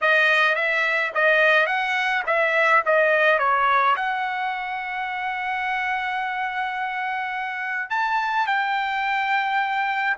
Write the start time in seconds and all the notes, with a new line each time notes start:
0.01 D#5
0.55 E5
1.14 D#5
1.66 F#5
2.26 E5
2.85 D#5
3.39 C#5
3.96 F#5
7.90 A5
8.46 G5